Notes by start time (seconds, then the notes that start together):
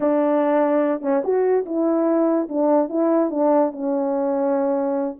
0.00 D4
1.01 C#4
1.24 F#4
1.65 E4
2.48 D4
2.89 E4
3.30 D4
3.72 C#4